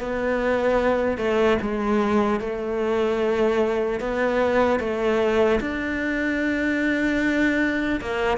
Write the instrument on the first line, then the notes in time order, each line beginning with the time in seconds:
cello
0.00 B3
1.18 A3
1.62 G#3
2.40 A3
4.00 B3
4.80 A3
5.60 D4
8.01 A#3